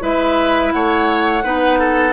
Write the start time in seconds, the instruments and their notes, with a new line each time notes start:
0.00 bassoon G#3, clarinet E4, oboe B4, flute E5
0.72 bassoon A3, oboe C#5, flute F#5
1.43 bassoon B3, clarinet D#4, oboe B4
1.79 oboe A4